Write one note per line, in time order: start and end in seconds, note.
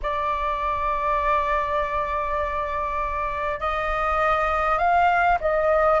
0.02 3.60 D5
3.60 4.78 D#5
4.78 5.38 F5
5.40 6.00 D#5